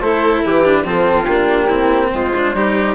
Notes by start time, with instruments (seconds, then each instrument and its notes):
0.00 bassoon A3, cello E4, violin A4, flute C5
0.44 bassoon E3, violin G4, flute B4
0.64 cello D4
0.84 bassoon F3, cello C4, violin F4, flute A4
1.25 bassoon A#3, cello D4, flute G4
1.66 cello C4, violin E4
2.11 bassoon G#3, violin F4, flute C5
2.35 cello D4
2.54 bassoon G3, cello D#4, violin G4